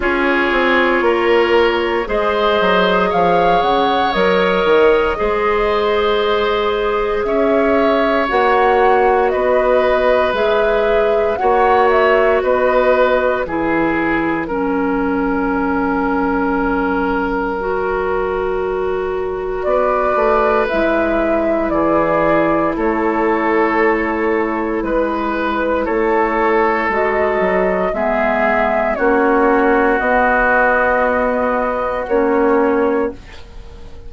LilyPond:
<<
  \new Staff \with { instrumentName = "flute" } { \time 4/4 \tempo 4 = 58 cis''2 dis''4 f''8 fis''8 | dis''2. e''4 | fis''4 dis''4 e''4 fis''8 e''8 | dis''4 cis''2.~ |
cis''2. d''4 | e''4 d''4 cis''2 | b'4 cis''4 dis''4 e''4 | cis''4 dis''2 cis''4 | }
  \new Staff \with { instrumentName = "oboe" } { \time 4/4 gis'4 ais'4 c''4 cis''4~ | cis''4 c''2 cis''4~ | cis''4 b'2 cis''4 | b'4 gis'4 ais'2~ |
ais'2. b'4~ | b'4 gis'4 a'2 | b'4 a'2 gis'4 | fis'1 | }
  \new Staff \with { instrumentName = "clarinet" } { \time 4/4 f'2 gis'2 | ais'4 gis'2. | fis'2 gis'4 fis'4~ | fis'4 e'4 cis'2~ |
cis'4 fis'2. | e'1~ | e'2 fis'4 b4 | cis'4 b2 cis'4 | }
  \new Staff \with { instrumentName = "bassoon" } { \time 4/4 cis'8 c'8 ais4 gis8 fis8 f8 cis8 | fis8 dis8 gis2 cis'4 | ais4 b4 gis4 ais4 | b4 e4 fis2~ |
fis2. b8 a8 | gis4 e4 a2 | gis4 a4 gis8 fis8 gis4 | ais4 b2 ais4 | }
>>